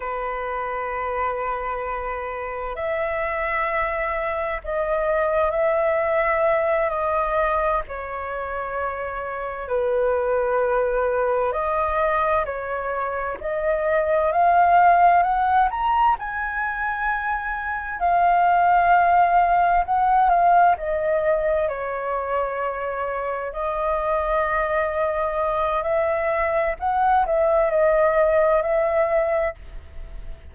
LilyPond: \new Staff \with { instrumentName = "flute" } { \time 4/4 \tempo 4 = 65 b'2. e''4~ | e''4 dis''4 e''4. dis''8~ | dis''8 cis''2 b'4.~ | b'8 dis''4 cis''4 dis''4 f''8~ |
f''8 fis''8 ais''8 gis''2 f''8~ | f''4. fis''8 f''8 dis''4 cis''8~ | cis''4. dis''2~ dis''8 | e''4 fis''8 e''8 dis''4 e''4 | }